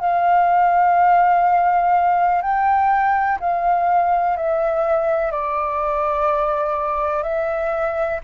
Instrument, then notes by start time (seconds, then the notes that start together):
flute
0.00 F5
2.41 G5
3.40 F5
4.36 E5
5.31 D5
7.23 E5